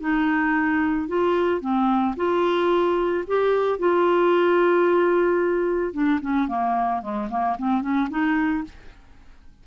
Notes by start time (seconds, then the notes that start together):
0.00 D#4
1.08 F4
1.61 C4
2.16 F4
3.27 G4
3.79 F4
5.93 D4
6.21 C#4
6.48 A#3
7.02 G#3
7.30 A#3
7.58 C4
7.82 C#4
8.10 D#4